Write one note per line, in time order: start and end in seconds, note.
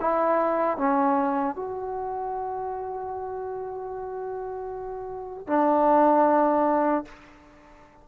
0.00 0.77 E4
0.77 1.55 C#4
1.55 5.47 F#4
5.47 7.05 D4